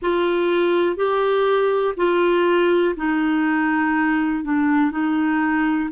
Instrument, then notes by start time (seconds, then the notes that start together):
clarinet
0.02 F4
0.96 G4
1.97 F4
2.96 D#4
4.44 D4
4.91 D#4